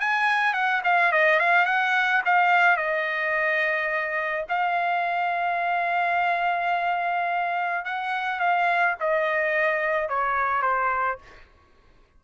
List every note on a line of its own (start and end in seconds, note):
0.00 0.54 G#5
0.54 0.82 F#5
0.84 1.12 F5
1.12 1.40 D#5
1.40 1.66 F5
1.66 2.22 F#5
2.25 2.77 F5
2.77 4.45 D#5
4.49 7.85 F5
7.85 8.40 F#5
8.40 8.96 F5
9.00 10.09 D#5
10.09 10.62 C#5
10.62 11.18 C5